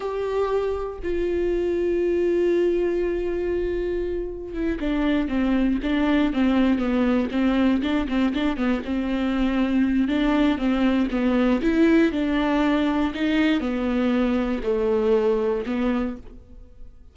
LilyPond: \new Staff \with { instrumentName = "viola" } { \time 4/4 \tempo 4 = 119 g'2 f'2~ | f'1~ | f'4 e'8 d'4 c'4 d'8~ | d'8 c'4 b4 c'4 d'8 |
c'8 d'8 b8 c'2~ c'8 | d'4 c'4 b4 e'4 | d'2 dis'4 b4~ | b4 a2 b4 | }